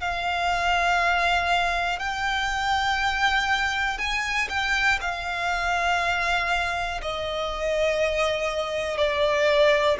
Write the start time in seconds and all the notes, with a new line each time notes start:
0.00 F5
1.99 G5
3.98 G#5
4.49 G5
5.00 F5
7.01 D#5
8.97 D5